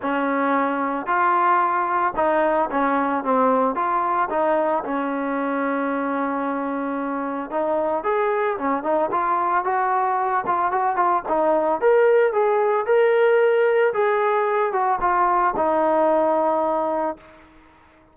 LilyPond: \new Staff \with { instrumentName = "trombone" } { \time 4/4 \tempo 4 = 112 cis'2 f'2 | dis'4 cis'4 c'4 f'4 | dis'4 cis'2.~ | cis'2 dis'4 gis'4 |
cis'8 dis'8 f'4 fis'4. f'8 | fis'8 f'8 dis'4 ais'4 gis'4 | ais'2 gis'4. fis'8 | f'4 dis'2. | }